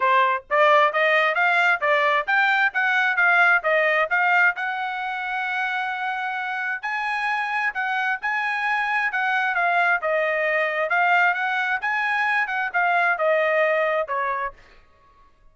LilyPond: \new Staff \with { instrumentName = "trumpet" } { \time 4/4 \tempo 4 = 132 c''4 d''4 dis''4 f''4 | d''4 g''4 fis''4 f''4 | dis''4 f''4 fis''2~ | fis''2. gis''4~ |
gis''4 fis''4 gis''2 | fis''4 f''4 dis''2 | f''4 fis''4 gis''4. fis''8 | f''4 dis''2 cis''4 | }